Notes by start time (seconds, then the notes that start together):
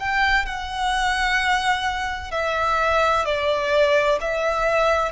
0.00 G5
0.46 F#5
2.31 E5
3.25 D5
4.21 E5